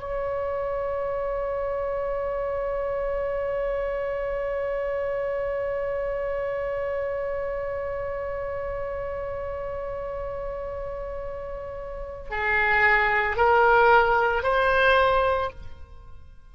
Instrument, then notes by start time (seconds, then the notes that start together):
oboe
0.00 C#5
12.31 G#4
13.37 A#4
14.43 C5